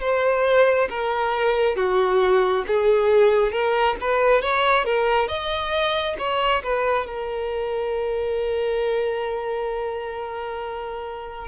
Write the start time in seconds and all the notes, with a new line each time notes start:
0.00 C5
0.89 A#4
1.76 F#4
2.67 G#4
3.52 A#4
4.01 B4
4.42 C#5
4.85 A#4
5.28 D#5
6.18 C#5
6.63 B4
7.06 A#4